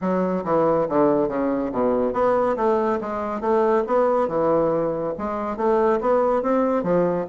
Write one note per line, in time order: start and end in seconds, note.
0.01 0.44 F#3
0.44 0.87 E3
0.88 1.28 D3
1.28 1.71 C#3
1.72 2.13 B2
2.13 2.56 B3
2.56 2.99 A3
3.00 3.40 G#3
3.40 3.83 A3
3.86 4.28 B3
4.28 5.13 E3
5.18 5.56 G#3
5.56 5.99 A3
6.01 6.42 B3
6.42 6.83 C4
6.83 7.26 F3